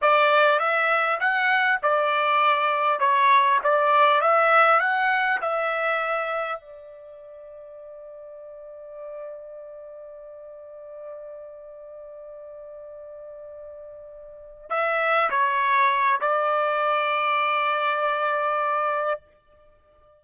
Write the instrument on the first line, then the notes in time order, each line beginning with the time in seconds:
trumpet
0.01 D5
0.59 E5
1.19 F#5
1.82 D5
2.99 C#5
3.63 D5
4.21 E5
4.80 F#5
5.41 E5
6.59 D5
14.69 E5
15.30 C#5
16.20 D5